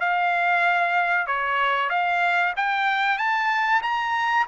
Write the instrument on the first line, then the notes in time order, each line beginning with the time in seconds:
trumpet
0.00 F5
1.27 C#5
1.90 F5
2.56 G5
3.18 A5
3.83 A#5